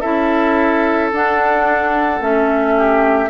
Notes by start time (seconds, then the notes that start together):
0.00 C#4 E4 A4 E5
1.12 D4 F#5
2.20 A3 C#4 E5
2.77 G4